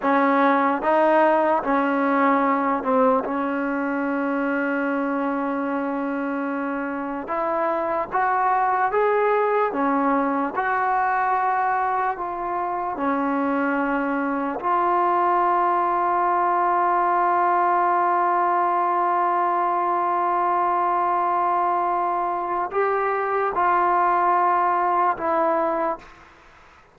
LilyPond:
\new Staff \with { instrumentName = "trombone" } { \time 4/4 \tempo 4 = 74 cis'4 dis'4 cis'4. c'8 | cis'1~ | cis'4 e'4 fis'4 gis'4 | cis'4 fis'2 f'4 |
cis'2 f'2~ | f'1~ | f'1 | g'4 f'2 e'4 | }